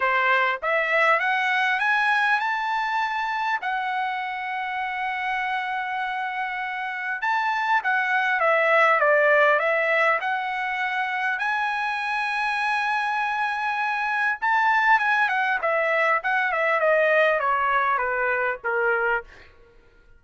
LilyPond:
\new Staff \with { instrumentName = "trumpet" } { \time 4/4 \tempo 4 = 100 c''4 e''4 fis''4 gis''4 | a''2 fis''2~ | fis''1 | a''4 fis''4 e''4 d''4 |
e''4 fis''2 gis''4~ | gis''1 | a''4 gis''8 fis''8 e''4 fis''8 e''8 | dis''4 cis''4 b'4 ais'4 | }